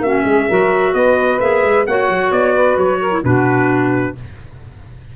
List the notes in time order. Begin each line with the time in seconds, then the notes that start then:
0.00 A#3 C#4 F#4 E5
0.24 G#3 G#4
0.47 F#3 F#4 A#4
0.93 B3 B4 D#5
1.40 A#3 G#4 E5
1.63 G#3
1.86 A#3 F#4 C#5 F#5
2.08 F#3
2.31 B3 D5
2.53 B4
2.77 F#3 C#5
3.00 A#4
3.10 E4
3.23 B2 D4 F#4 B4